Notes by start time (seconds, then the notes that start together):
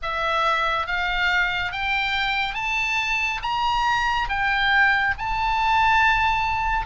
0.02 E5
0.86 F5
1.71 G5
2.54 A5
3.42 A#5
4.29 G5
5.17 A5